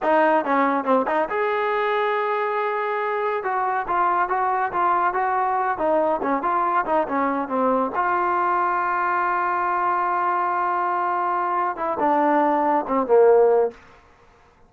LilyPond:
\new Staff \with { instrumentName = "trombone" } { \time 4/4 \tempo 4 = 140 dis'4 cis'4 c'8 dis'8 gis'4~ | gis'1 | fis'4 f'4 fis'4 f'4 | fis'4. dis'4 cis'8 f'4 |
dis'8 cis'4 c'4 f'4.~ | f'1~ | f'2.~ f'8 e'8 | d'2 c'8 ais4. | }